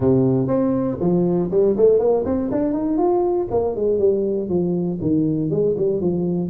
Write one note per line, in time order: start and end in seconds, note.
0.00 0.47 C3
0.47 0.97 C4
1.00 1.50 F3
1.50 1.75 G3
1.76 1.99 A3
1.99 2.24 A#3
2.25 2.50 C4
2.51 2.73 D4
2.73 2.97 D#4
2.97 3.47 F4
3.50 3.75 A#3
3.75 3.99 G#3
3.99 4.49 G3
4.49 4.99 F3
5.01 5.50 D#3
5.50 5.75 G#3
5.77 6.00 G3
6.00 6.50 F3